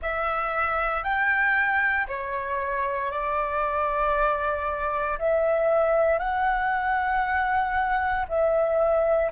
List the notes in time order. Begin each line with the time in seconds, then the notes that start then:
0.02 E5
1.03 G5
2.07 C#5
3.11 D5
5.19 E5
6.18 F#5
8.28 E5